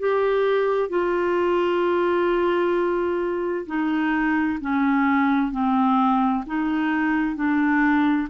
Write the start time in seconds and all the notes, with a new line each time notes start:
0.00 G4
0.90 F4
3.67 D#4
4.61 C#4
5.52 C4
6.47 D#4
7.36 D4